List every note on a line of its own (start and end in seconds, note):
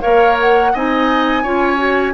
0.00 0.74 A#3
0.00 0.71 A#4
0.00 0.72 C#5
0.00 0.37 F5
0.40 0.76 F#5
0.73 1.45 C4
0.73 1.44 D#4
0.73 1.43 D#5
0.73 2.14 G#5
1.43 2.14 C#4
1.43 1.77 F4
1.43 2.13 C#5
1.77 2.12 F#4